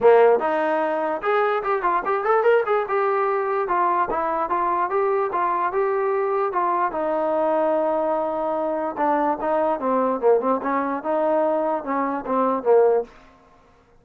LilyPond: \new Staff \with { instrumentName = "trombone" } { \time 4/4 \tempo 4 = 147 ais4 dis'2 gis'4 | g'8 f'8 g'8 a'8 ais'8 gis'8 g'4~ | g'4 f'4 e'4 f'4 | g'4 f'4 g'2 |
f'4 dis'2.~ | dis'2 d'4 dis'4 | c'4 ais8 c'8 cis'4 dis'4~ | dis'4 cis'4 c'4 ais4 | }